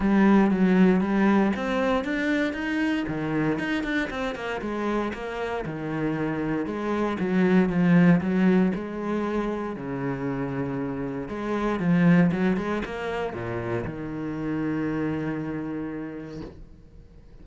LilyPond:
\new Staff \with { instrumentName = "cello" } { \time 4/4 \tempo 4 = 117 g4 fis4 g4 c'4 | d'4 dis'4 dis4 dis'8 d'8 | c'8 ais8 gis4 ais4 dis4~ | dis4 gis4 fis4 f4 |
fis4 gis2 cis4~ | cis2 gis4 f4 | fis8 gis8 ais4 ais,4 dis4~ | dis1 | }